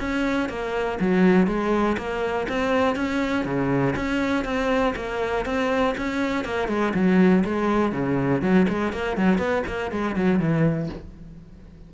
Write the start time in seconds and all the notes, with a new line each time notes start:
0.00 C#4
0.49 A#3
1.01 F#3
1.47 G#3
1.98 A#3
2.49 C4
2.96 C#4
3.45 C#3
3.96 C#4
4.45 C4
4.96 A#3
5.46 C4
5.98 C#4
6.45 A#3
6.69 G#3
6.94 F#3
7.45 G#3
7.92 C#3
8.42 F#3
8.69 G#3
8.93 A#3
9.17 F#3
9.39 B3
9.67 A#3
9.92 G#3
10.16 F#3
10.40 E3